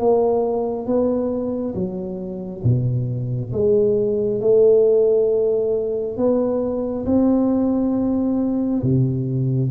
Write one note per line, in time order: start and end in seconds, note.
0.00 0.86 A#3
0.86 1.74 B3
1.75 2.63 F#3
2.64 3.52 B2
3.53 4.41 G#3
4.41 6.17 A3
6.17 7.05 B3
7.06 8.83 C4
8.83 9.71 C3